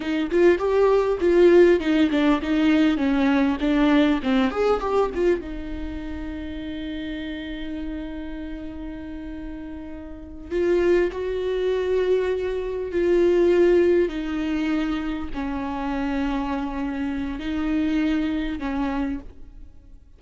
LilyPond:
\new Staff \with { instrumentName = "viola" } { \time 4/4 \tempo 4 = 100 dis'8 f'8 g'4 f'4 dis'8 d'8 | dis'4 cis'4 d'4 c'8 gis'8 | g'8 f'8 dis'2.~ | dis'1~ |
dis'4. f'4 fis'4.~ | fis'4. f'2 dis'8~ | dis'4. cis'2~ cis'8~ | cis'4 dis'2 cis'4 | }